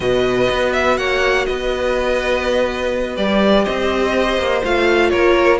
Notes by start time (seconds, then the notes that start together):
0.00 B2 F#4 B4 D#5
0.50 B3
0.72 E5
0.97 A#3 C#5 F#5
1.45 B3 B4 D#5
3.16 G3 G4 D5
3.64 C4 C5 D#5
4.37 A#3
4.64 A3 F4 F5
5.10 A#3 A#4 C#5